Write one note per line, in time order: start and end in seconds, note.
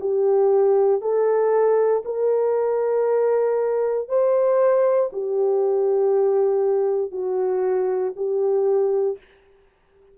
0.00 1.01 G4
1.01 2.02 A4
2.05 4.08 A#4
4.08 5.10 C5
5.12 7.11 G4
7.11 8.13 F#4
8.16 9.18 G4